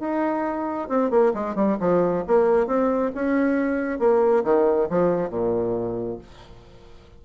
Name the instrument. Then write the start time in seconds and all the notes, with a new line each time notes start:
bassoon
0.00 D#4
0.89 C4
1.11 A#3
1.34 G#3
1.55 G3
1.80 F3
2.27 A#3
2.67 C4
3.15 C#4
3.99 A#3
4.44 D#3
4.90 F3
5.30 A#2